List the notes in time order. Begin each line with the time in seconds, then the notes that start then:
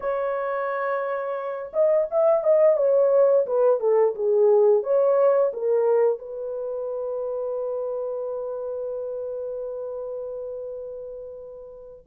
0.00 C#5
1.73 D#5
2.10 E5
2.43 D#5
2.76 C#5
3.46 B4
3.80 A4
4.15 G#4
4.83 C#5
5.53 A#4
6.18 B4